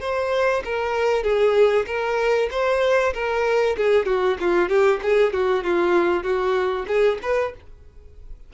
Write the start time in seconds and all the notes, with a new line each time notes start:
0.00 C5
0.64 A#4
1.23 G#4
1.86 A#4
2.51 C5
3.14 A#4
3.77 G#4
4.06 F#4
4.40 F4
4.69 G4
5.02 G#4
5.33 F#4
5.64 F4
6.23 F#4
6.87 G#4
7.22 B4